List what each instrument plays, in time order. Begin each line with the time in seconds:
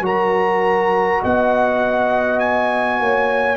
0.00 tuba F#3, trombone F#4, horn A#4, trumpet A#5
1.21 tuba B3, horn D#5, trumpet F#5
2.39 trumpet G#5
3.00 tuba A#3, horn C#5